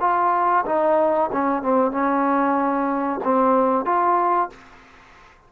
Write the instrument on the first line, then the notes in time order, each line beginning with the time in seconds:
trombone
0.00 F4
0.65 D#4
1.32 C#4
1.62 C4
1.91 C#4
3.24 C4
3.85 F4